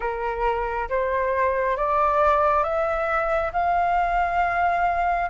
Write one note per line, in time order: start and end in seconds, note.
0.00 0.88 A#4
0.89 1.76 C5
1.76 2.63 D5
2.63 3.51 E5
3.53 5.29 F5